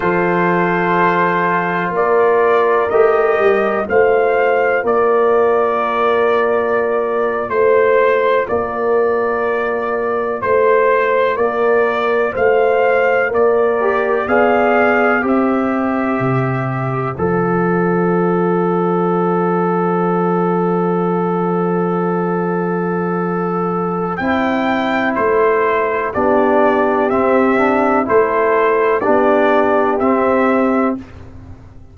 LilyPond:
<<
  \new Staff \with { instrumentName = "trumpet" } { \time 4/4 \tempo 4 = 62 c''2 d''4 dis''4 | f''4 d''2~ d''8. c''16~ | c''8. d''2 c''4 d''16~ | d''8. f''4 d''4 f''4 e''16~ |
e''4.~ e''16 f''2~ f''16~ | f''1~ | f''4 g''4 c''4 d''4 | e''4 c''4 d''4 e''4 | }
  \new Staff \with { instrumentName = "horn" } { \time 4/4 a'2 ais'2 | c''4 ais'2~ ais'8. c''16~ | c''8. ais'2 c''4 ais'16~ | ais'8. c''4 ais'4 d''4 c''16~ |
c''1~ | c''1~ | c''2. g'4~ | g'4 a'4 g'2 | }
  \new Staff \with { instrumentName = "trombone" } { \time 4/4 f'2. g'4 | f'1~ | f'1~ | f'2~ f'16 g'8 gis'4 g'16~ |
g'4.~ g'16 a'2~ a'16~ | a'1~ | a'4 e'2 d'4 | c'8 d'8 e'4 d'4 c'4 | }
  \new Staff \with { instrumentName = "tuba" } { \time 4/4 f2 ais4 a8 g8 | a4 ais2~ ais8. a16~ | a8. ais2 a4 ais16~ | ais8. a4 ais4 b4 c'16~ |
c'8. c4 f2~ f16~ | f1~ | f4 c'4 a4 b4 | c'4 a4 b4 c'4 | }
>>